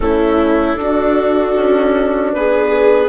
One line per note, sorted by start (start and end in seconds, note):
0.00 0.75 A3
0.00 0.78 C#4
0.00 0.79 E4
0.00 2.32 A4
0.75 1.53 D4
0.75 3.08 D4
0.75 2.36 F#4
1.56 2.34 C#4
2.32 3.08 B3
2.32 3.08 G#4
2.32 3.08 B4